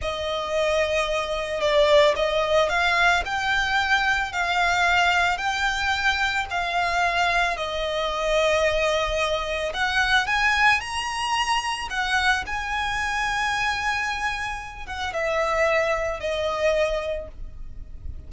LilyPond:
\new Staff \with { instrumentName = "violin" } { \time 4/4 \tempo 4 = 111 dis''2. d''4 | dis''4 f''4 g''2 | f''2 g''2 | f''2 dis''2~ |
dis''2 fis''4 gis''4 | ais''2 fis''4 gis''4~ | gis''2.~ gis''8 fis''8 | e''2 dis''2 | }